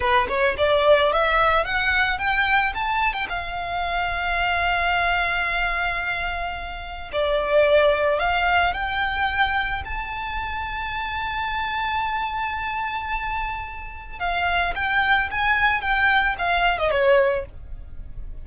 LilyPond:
\new Staff \with { instrumentName = "violin" } { \time 4/4 \tempo 4 = 110 b'8 cis''8 d''4 e''4 fis''4 | g''4 a''8. g''16 f''2~ | f''1~ | f''4 d''2 f''4 |
g''2 a''2~ | a''1~ | a''2 f''4 g''4 | gis''4 g''4 f''8. dis''16 cis''4 | }